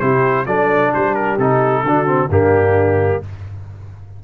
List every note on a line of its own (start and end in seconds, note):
0.00 0.47 C3
0.00 0.47 E4
0.00 0.46 G4
0.00 0.46 C5
0.46 0.92 F#3
0.46 1.39 D4
0.46 0.92 A4
0.46 0.92 D5
0.92 1.38 G3
0.92 1.84 G4
0.92 1.14 C5
1.14 1.37 A#4
1.38 1.83 C3
1.38 1.86 D#4
1.38 2.31 A4
1.83 2.29 D3
1.83 2.06 D4
1.83 2.31 F#4
2.06 2.29 C4
2.29 3.21 G2
2.29 3.23 A#3
2.29 3.22 D4
2.29 3.24 G4